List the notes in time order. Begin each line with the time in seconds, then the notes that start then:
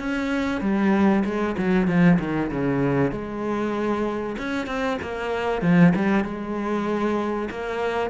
0.00 C#4
0.61 G3
1.25 G#3
1.58 F#3
1.88 F3
2.20 D#3
2.51 C#3
3.12 G#3
4.39 C#4
4.67 C4
5.02 A#3
5.62 F3
5.96 G3
6.24 G#3
7.51 A#3